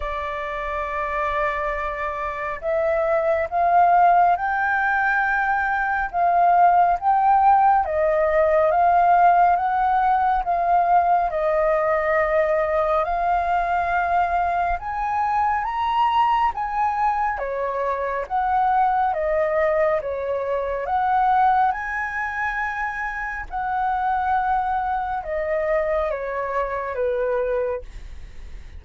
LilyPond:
\new Staff \with { instrumentName = "flute" } { \time 4/4 \tempo 4 = 69 d''2. e''4 | f''4 g''2 f''4 | g''4 dis''4 f''4 fis''4 | f''4 dis''2 f''4~ |
f''4 gis''4 ais''4 gis''4 | cis''4 fis''4 dis''4 cis''4 | fis''4 gis''2 fis''4~ | fis''4 dis''4 cis''4 b'4 | }